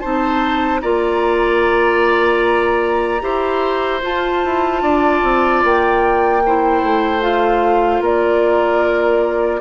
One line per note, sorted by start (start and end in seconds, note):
0.00 0.83 C4
0.00 0.82 D#4
0.00 0.81 C5
0.00 0.80 A5
0.81 3.22 A#3
0.81 3.21 F4
0.81 3.22 D5
0.81 4.01 A#5
3.21 4.02 E4
3.21 4.00 G4
3.21 4.83 C5
4.02 6.42 F4
4.02 4.44 F4
4.02 5.65 A5
4.45 4.82 E4
4.82 5.22 D4
4.82 6.43 D5
5.23 5.63 C4
5.64 6.83 A#3
5.64 7.23 G5
6.46 7.21 E4
6.46 8.02 C5
6.83 8.01 A3
7.21 9.61 F4
7.21 8.03 F5
8.01 9.61 A#3
8.01 9.61 A#4
8.01 9.61 D5